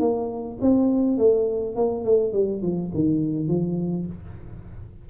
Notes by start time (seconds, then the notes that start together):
0.00 A#3
0.61 C4
1.18 A3
1.76 A#3
2.05 A3
2.33 G3
2.62 F3
2.94 D#3
3.48 F3